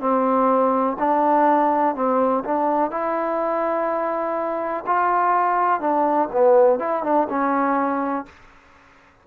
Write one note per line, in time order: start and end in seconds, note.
0.00 0.97 C4
0.99 1.95 D4
1.95 2.44 C4
2.45 2.91 D4
2.91 4.84 E4
4.87 5.81 F4
5.81 6.29 D4
6.32 6.79 B3
6.79 7.03 E4
7.03 7.28 D4
7.29 8.26 C#4